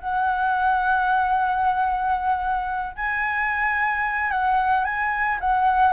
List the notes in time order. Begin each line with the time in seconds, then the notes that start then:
0.00 F#5
2.96 G#5
4.31 F#5
4.84 G#5
5.40 F#5